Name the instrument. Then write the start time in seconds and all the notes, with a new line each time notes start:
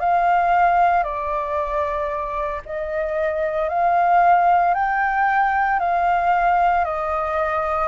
flute
0.00 F5
1.04 D5
2.66 D#5
3.69 F5
4.74 G5
5.80 F5
6.85 D#5